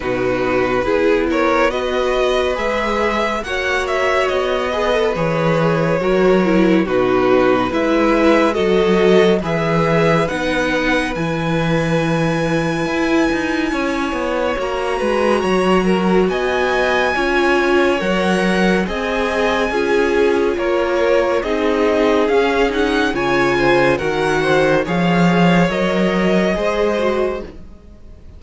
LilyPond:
<<
  \new Staff \with { instrumentName = "violin" } { \time 4/4 \tempo 4 = 70 b'4. cis''8 dis''4 e''4 | fis''8 e''8 dis''4 cis''2 | b'4 e''4 dis''4 e''4 | fis''4 gis''2.~ |
gis''4 ais''2 gis''4~ | gis''4 fis''4 gis''2 | cis''4 dis''4 f''8 fis''8 gis''4 | fis''4 f''4 dis''2 | }
  \new Staff \with { instrumentName = "violin" } { \time 4/4 fis'4 gis'8 ais'8 b'2 | cis''4. b'4. ais'4 | fis'4 b'4 a'4 b'4~ | b'1 |
cis''4. b'8 cis''8 ais'8 dis''4 | cis''2 dis''4 gis'4 | ais'4 gis'2 cis''8 c''8 | ais'8 c''8 cis''2 c''4 | }
  \new Staff \with { instrumentName = "viola" } { \time 4/4 dis'4 e'4 fis'4 gis'4 | fis'4. gis'16 a'16 gis'4 fis'8 e'8 | dis'4 e'4 fis'4 gis'4 | dis'4 e'2.~ |
e'4 fis'2. | f'4 ais'4 gis'4 f'4~ | f'4 dis'4 cis'8 dis'8 f'4 | fis'4 gis'4 ais'4 gis'8 fis'8 | }
  \new Staff \with { instrumentName = "cello" } { \time 4/4 b,4 b2 gis4 | ais4 b4 e4 fis4 | b,4 gis4 fis4 e4 | b4 e2 e'8 dis'8 |
cis'8 b8 ais8 gis8 fis4 b4 | cis'4 fis4 c'4 cis'4 | ais4 c'4 cis'4 cis4 | dis4 f4 fis4 gis4 | }
>>